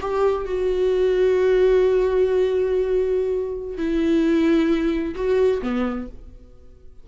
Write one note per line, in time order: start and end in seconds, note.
0.00 0.45 G4
0.45 3.77 F#4
3.77 5.14 E4
5.15 5.61 F#4
5.61 6.07 B3